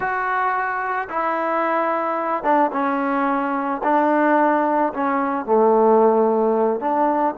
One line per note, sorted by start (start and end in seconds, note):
0.00 1.08 F#4
1.09 2.43 E4
2.43 2.70 D4
2.72 3.81 C#4
3.83 4.92 D4
4.93 5.45 C#4
5.45 6.80 A3
6.80 7.34 D4